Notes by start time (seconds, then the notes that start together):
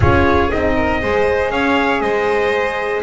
0.00 C#4 F4 G#4 C#5
0.50 C4 D#4 D#5
0.75 A#4
1.01 G#3 G#4 C5
1.50 C#4 C#5 F5
2.01 G#3 C5 D#5